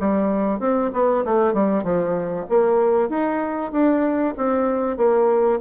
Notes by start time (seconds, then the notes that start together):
0.00 G3
0.60 C4
0.93 B3
1.25 A3
1.54 G3
1.84 F3
2.49 A#3
3.09 D#4
3.72 D4
4.38 C4
4.97 A#3